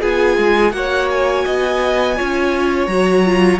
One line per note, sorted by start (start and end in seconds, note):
0.00 0.38 B3
0.00 0.72 F4
0.00 0.72 G#4
0.00 0.72 G#5
0.38 0.73 G#3
0.72 1.45 A#3
0.72 2.16 F#4
0.72 1.45 C#5
0.72 1.08 F#5
1.10 2.86 G#5
1.45 2.19 B3
1.45 2.17 D#5
2.16 2.87 C#4
2.16 2.88 F4
2.16 3.60 C#5
2.86 3.60 F#3
2.86 3.25 F#4
2.86 3.59 A#5
3.25 3.60 F4